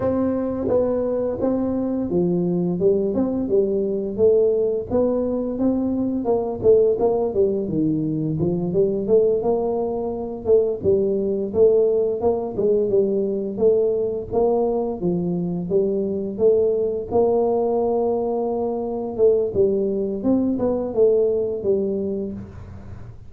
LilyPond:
\new Staff \with { instrumentName = "tuba" } { \time 4/4 \tempo 4 = 86 c'4 b4 c'4 f4 | g8 c'8 g4 a4 b4 | c'4 ais8 a8 ais8 g8 dis4 | f8 g8 a8 ais4. a8 g8~ |
g8 a4 ais8 gis8 g4 a8~ | a8 ais4 f4 g4 a8~ | a8 ais2. a8 | g4 c'8 b8 a4 g4 | }